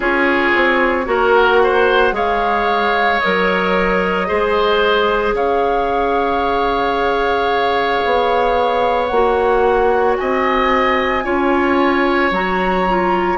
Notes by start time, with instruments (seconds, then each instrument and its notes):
0.00 bassoon C#4, clarinet F4, oboe G#4, flute C#5
0.55 bassoon C4
1.05 bassoon A#3, clarinet F#4, oboe A#4
1.34 flute F#5
1.63 oboe C5
2.12 bassoon G#3, clarinet G#4, oboe C#5, flute F5
3.19 bassoon F#3, clarinet A#4, flute D#5
4.26 bassoon G#3, clarinet G#4, oboe C5
5.33 bassoon C#3, oboe C#5, flute F5
8.04 bassoon B3
9.06 bassoon A#3, flute F#5
9.12 clarinet F#4
10.17 bassoon C4, oboe D#5, flute G#5
11.23 bassoon C#4, clarinet F4, oboe C#5
12.31 bassoon F#3, clarinet F#4, flute A#5
12.88 clarinet F4